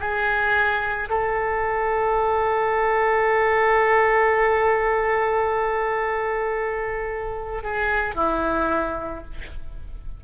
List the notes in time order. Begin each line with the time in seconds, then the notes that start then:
0.00 G#4
1.09 A4
7.63 G#4
8.15 E4